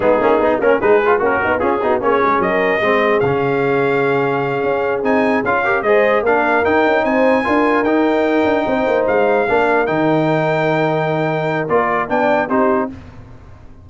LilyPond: <<
  \new Staff \with { instrumentName = "trumpet" } { \time 4/4 \tempo 4 = 149 gis'4. ais'8 b'4 ais'4 | gis'4 cis''4 dis''2 | f''1~ | f''8 gis''4 f''4 dis''4 f''8~ |
f''8 g''4 gis''2 g''8~ | g''2~ g''8 f''4.~ | f''8 g''2.~ g''8~ | g''4 d''4 g''4 c''4 | }
  \new Staff \with { instrumentName = "horn" } { \time 4/4 dis'4. cis'8 gis'4 cis'8 dis'8 | f'8 fis'8 gis'4 ais'4 gis'4~ | gis'1~ | gis'2 ais'8 c''4 ais'8~ |
ais'4. c''4 ais'4.~ | ais'4. c''2 ais'8~ | ais'1~ | ais'2 d''4 g'4 | }
  \new Staff \with { instrumentName = "trombone" } { \time 4/4 b8 cis'8 dis'8 cis'8 dis'8 f'8 fis'4 | cis'8 dis'8 cis'2 c'4 | cis'1~ | cis'8 dis'4 f'8 g'8 gis'4 d'8~ |
d'8 dis'2 f'4 dis'8~ | dis'2.~ dis'8 d'8~ | d'8 dis'2.~ dis'8~ | dis'4 f'4 d'4 dis'4 | }
  \new Staff \with { instrumentName = "tuba" } { \time 4/4 gis8 ais8 b8 ais8 gis4 ais8 b8 | cis'8 b8 ais8 gis8 fis4 gis4 | cis2.~ cis8 cis'8~ | cis'8 c'4 cis'4 gis4 ais8~ |
ais8 dis'8 cis'8 c'4 d'4 dis'8~ | dis'4 d'8 c'8 ais8 gis4 ais8~ | ais8 dis2.~ dis8~ | dis4 ais4 b4 c'4 | }
>>